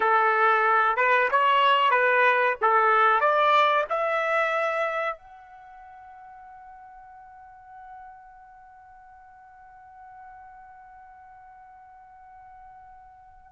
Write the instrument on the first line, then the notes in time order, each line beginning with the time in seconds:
trumpet
0.00 A4
0.96 B4
1.30 C#5
1.91 B4
2.61 A4
3.20 D5
3.89 E5
5.17 F#5